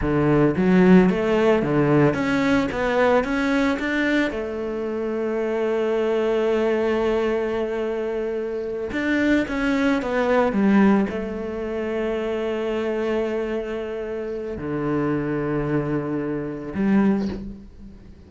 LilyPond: \new Staff \with { instrumentName = "cello" } { \time 4/4 \tempo 4 = 111 d4 fis4 a4 d4 | cis'4 b4 cis'4 d'4 | a1~ | a1~ |
a8 d'4 cis'4 b4 g8~ | g8 a2.~ a8~ | a2. d4~ | d2. g4 | }